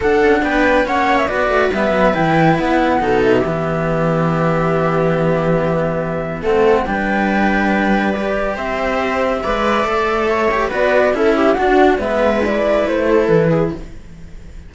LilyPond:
<<
  \new Staff \with { instrumentName = "flute" } { \time 4/4 \tempo 4 = 140 fis''4 g''4 fis''8. e''16 d''4 | e''4 g''4 fis''4. e''8~ | e''1~ | e''2. fis''4 |
g''2. d''4 | e''1~ | e''4 d''4 e''4 fis''4 | e''4 d''4 c''4 b'4 | }
  \new Staff \with { instrumentName = "viola" } { \time 4/4 a'4 b'4 cis''4 b'4~ | b'2. a'4 | g'1~ | g'2. a'4 |
b'1 | c''2 d''2 | cis''4 b'4 a'8 g'8 fis'4 | b'2~ b'8 a'4 gis'8 | }
  \new Staff \with { instrumentName = "cello" } { \time 4/4 d'2 cis'4 fis'4 | b4 e'2 dis'4 | b1~ | b2. c'4 |
d'2. g'4~ | g'2 b'4 a'4~ | a'8 g'8 fis'4 e'4 d'4 | b4 e'2. | }
  \new Staff \with { instrumentName = "cello" } { \time 4/4 d'8 cis'8 b4 ais4 b8 a8 | g8 fis8 e4 b4 b,4 | e1~ | e2. a4 |
g1 | c'2 gis4 a4~ | a4 b4 cis'4 d'4 | gis2 a4 e4 | }
>>